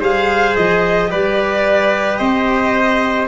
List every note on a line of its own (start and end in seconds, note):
0.00 0.55 G3
0.00 1.08 G#4
0.00 1.09 C5
0.00 0.56 F5
0.56 1.12 F3
0.56 1.10 D#5
1.08 2.20 G3
1.08 3.26 G4
1.08 2.19 B4
1.08 2.17 D5
2.17 3.28 C4
2.17 3.28 C5
2.17 3.26 D#5